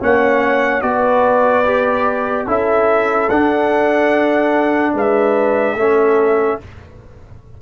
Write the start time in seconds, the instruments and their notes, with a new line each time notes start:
0.00 tuba A#3, trombone C#4, horn C#5, trumpet F#5
0.81 tuba B3, trombone F#4, horn B4, trumpet D5
1.64 trombone G4
2.46 tuba C#4, trombone E4, horn A4, trumpet E5
3.29 tuba D4, trombone D4, trumpet F#5
4.94 tuba G#3, horn B4, trumpet E5
5.74 tuba A3, trombone C#4, horn A4